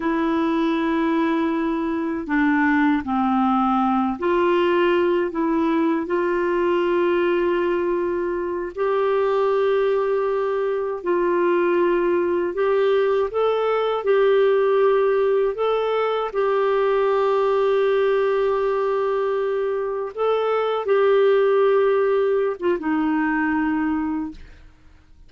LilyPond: \new Staff \with { instrumentName = "clarinet" } { \time 4/4 \tempo 4 = 79 e'2. d'4 | c'4. f'4. e'4 | f'2.~ f'8 g'8~ | g'2~ g'8 f'4.~ |
f'8 g'4 a'4 g'4.~ | g'8 a'4 g'2~ g'8~ | g'2~ g'8 a'4 g'8~ | g'4.~ g'16 f'16 dis'2 | }